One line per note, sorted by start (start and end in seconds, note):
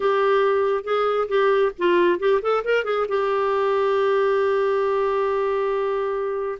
0.00 0.84 G4
0.84 1.27 G#4
1.28 1.72 G4
1.78 2.19 F4
2.19 2.41 G4
2.42 2.64 A4
2.64 2.84 A#4
2.84 3.06 G#4
3.08 6.58 G4